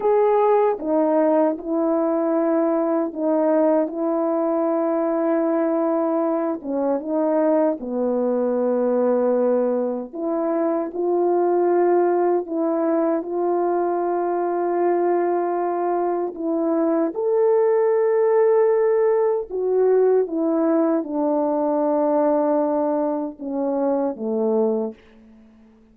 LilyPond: \new Staff \with { instrumentName = "horn" } { \time 4/4 \tempo 4 = 77 gis'4 dis'4 e'2 | dis'4 e'2.~ | e'8 cis'8 dis'4 b2~ | b4 e'4 f'2 |
e'4 f'2.~ | f'4 e'4 a'2~ | a'4 fis'4 e'4 d'4~ | d'2 cis'4 a4 | }